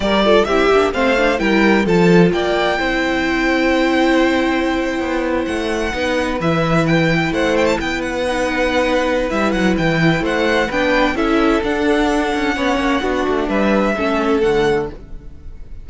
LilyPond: <<
  \new Staff \with { instrumentName = "violin" } { \time 4/4 \tempo 4 = 129 d''4 e''4 f''4 g''4 | a''4 g''2.~ | g''2.~ g''8. fis''16~ | fis''4.~ fis''16 e''4 g''4 fis''16~ |
fis''16 g''16 a''16 g''8 fis''2~ fis''8. | e''8 fis''8 g''4 fis''4 g''4 | e''4 fis''2.~ | fis''4 e''2 fis''4 | }
  \new Staff \with { instrumentName = "violin" } { \time 4/4 ais'8 a'8 g'4 c''4 ais'4 | a'4 d''4 c''2~ | c''1~ | c''8. b'2. c''16~ |
c''8. b'2.~ b'16~ | b'2 c''4 b'4 | a'2. cis''4 | fis'4 b'4 a'2 | }
  \new Staff \with { instrumentName = "viola" } { \time 4/4 g'8 f'8 e'8 d'8 c'8 d'8 e'4 | f'2 e'2~ | e'1~ | e'8. dis'4 e'2~ e'16~ |
e'4.~ e'16 dis'2~ dis'16 | e'2. d'4 | e'4 d'2 cis'4 | d'2 cis'4 a4 | }
  \new Staff \with { instrumentName = "cello" } { \time 4/4 g4 c'8 ais8 a4 g4 | f4 ais4 c'2~ | c'2~ c'8. b4 a16~ | a8. b4 e2 a16~ |
a8. b2.~ b16 | g8 fis8 e4 a4 b4 | cis'4 d'4. cis'8 b8 ais8 | b8 a8 g4 a4 d4 | }
>>